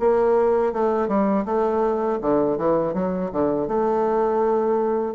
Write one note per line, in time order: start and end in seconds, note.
0.00 0.73 A#3
0.73 1.08 A3
1.08 1.45 G3
1.46 2.20 A3
2.22 2.58 D3
2.58 2.94 E3
2.94 3.31 F#3
3.32 3.68 D3
3.68 5.15 A3